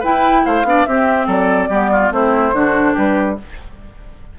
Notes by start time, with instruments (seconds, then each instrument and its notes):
0.00 clarinet E4, bassoon E4, oboe B4, flute G5
0.46 bassoon A3, oboe C5, flute F5
0.64 bassoon B3, clarinet D4, oboe D5
0.86 bassoon C4, clarinet C4, oboe G4, flute E5
1.27 bassoon F#3, oboe A4, flute D5
1.69 bassoon G3, clarinet B3, oboe G4
1.92 oboe F4
2.11 bassoon A3, clarinet C4, oboe E4, flute C5
2.53 bassoon D3, clarinet D4, oboe F#4
2.94 bassoon G3, oboe G4, flute B4